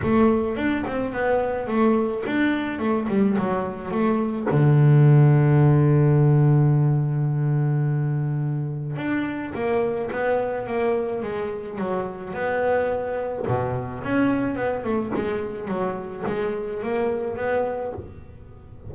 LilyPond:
\new Staff \with { instrumentName = "double bass" } { \time 4/4 \tempo 4 = 107 a4 d'8 c'8 b4 a4 | d'4 a8 g8 fis4 a4 | d1~ | d1 |
d'4 ais4 b4 ais4 | gis4 fis4 b2 | b,4 cis'4 b8 a8 gis4 | fis4 gis4 ais4 b4 | }